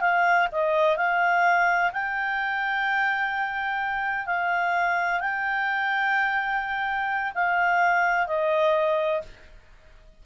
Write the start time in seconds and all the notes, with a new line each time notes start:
0.00 F5
0.51 D#5
0.96 F5
1.92 G5
4.26 F5
5.20 G5
7.34 F5
8.27 D#5